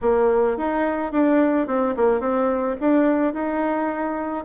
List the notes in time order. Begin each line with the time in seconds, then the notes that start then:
0.02 A#3
0.57 D#4
1.12 D4
1.67 C4
1.96 A#3
2.20 C4
2.80 D4
3.33 D#4